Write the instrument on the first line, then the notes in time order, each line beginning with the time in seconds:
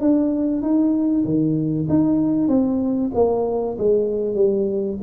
tuba
0.00 D4
0.62 D#4
1.24 D#3
1.89 D#4
2.48 C4
3.14 A#3
3.78 G#3
4.34 G3